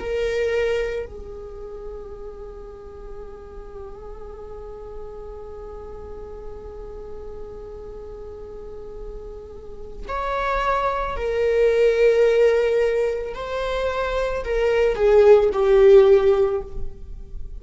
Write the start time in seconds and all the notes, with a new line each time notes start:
0.00 A#4
1.06 G#4
10.09 C#5
11.17 A#4
13.35 C5
14.44 A#4
14.96 G#4
15.53 G4